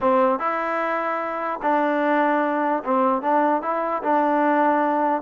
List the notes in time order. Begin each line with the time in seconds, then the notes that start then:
0.01 C4
0.39 E4
1.62 D4
2.84 C4
3.22 D4
3.62 E4
4.03 D4